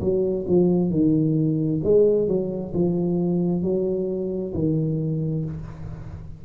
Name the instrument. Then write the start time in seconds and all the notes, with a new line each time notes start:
tuba
0.00 F#3
0.48 F3
0.90 D#3
1.83 G#3
2.27 F#3
2.74 F3
3.62 F#3
4.54 D#3